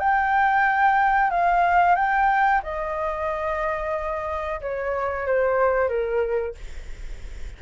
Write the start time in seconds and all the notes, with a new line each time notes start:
0.00 G5
1.31 F5
1.96 G5
2.63 D#5
4.62 C#5
5.27 C5
5.89 A#4